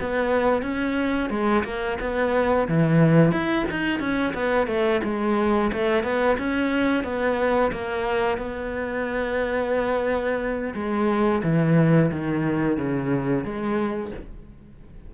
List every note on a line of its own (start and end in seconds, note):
0.00 0.62 B3
0.62 1.29 C#4
1.30 1.63 G#3
1.64 1.98 A#3
2.00 2.68 B3
2.68 3.31 E3
3.31 3.65 E4
3.70 3.99 D#4
3.99 4.33 C#4
4.34 4.67 B3
4.67 5.00 A3
5.04 5.71 G#3
5.72 6.03 A3
6.03 6.37 B3
6.38 7.04 C#4
7.04 7.71 B3
7.72 8.37 A#3
8.37 10.73 B3
10.74 11.42 G#3
11.43 12.10 E3
12.11 12.77 D#3
12.77 13.44 C#3
13.44 14.11 G#3